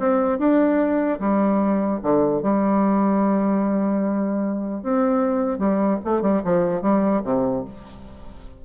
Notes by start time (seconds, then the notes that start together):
0.00 C4
0.39 D4
1.20 G3
2.03 D3
2.43 G3
4.84 C4
5.59 G3
6.05 A3
6.22 G3
6.45 F3
6.82 G3
7.25 C3